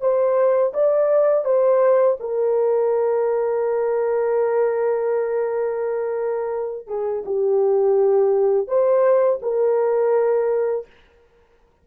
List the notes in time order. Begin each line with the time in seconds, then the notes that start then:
0.00 C5
0.73 D5
1.45 C5
2.19 A#4
6.87 G#4
7.25 G4
8.67 C5
9.42 A#4